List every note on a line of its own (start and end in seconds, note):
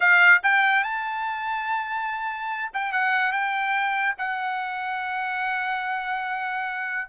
0.00 0.41 F5
0.43 0.83 G5
0.83 2.71 A5
2.73 2.92 G5
2.92 3.31 F#5
3.31 4.15 G5
4.18 7.09 F#5